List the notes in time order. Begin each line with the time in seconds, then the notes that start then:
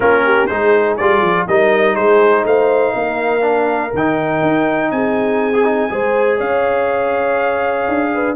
0.00 A#3 C#4 F4 A#4
0.24 G4
0.46 G#3 D#4 G#4 C5
0.96 G3 F4 D5
1.21 F3
1.47 G3 D#4 A#4 D#5
1.95 G#3 G#4 C5
2.44 A3 C5 F5
2.92 A#3 A#4
3.41 D4
3.93 D#3 D#4 G5
4.41 D#4
4.91 C4 G#4 G#5
5.53 G#4
5.64 D#4
5.90 G#3 G#4 C5
6.37 C#4 C#5 F5
7.88 D4
8.14 B4